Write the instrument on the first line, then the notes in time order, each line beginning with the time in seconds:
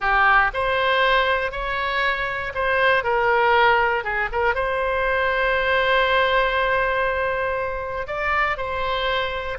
oboe
0.00 G4
0.53 C5
1.51 C#5
2.54 C5
3.03 A#4
4.04 G#4
4.32 A#4
4.54 C5
8.07 D5
8.57 C5